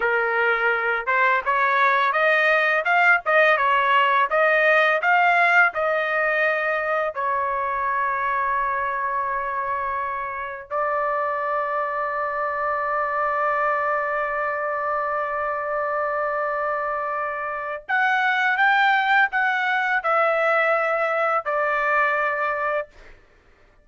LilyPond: \new Staff \with { instrumentName = "trumpet" } { \time 4/4 \tempo 4 = 84 ais'4. c''8 cis''4 dis''4 | f''8 dis''8 cis''4 dis''4 f''4 | dis''2 cis''2~ | cis''2. d''4~ |
d''1~ | d''1~ | d''4 fis''4 g''4 fis''4 | e''2 d''2 | }